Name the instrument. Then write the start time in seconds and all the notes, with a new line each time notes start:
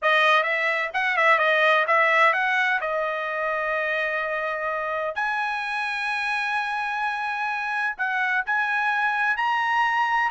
trumpet
0.02 D#5
0.43 E5
0.93 F#5
1.16 E5
1.38 D#5
1.87 E5
2.33 F#5
2.80 D#5
5.15 G#5
7.97 F#5
8.45 G#5
9.36 A#5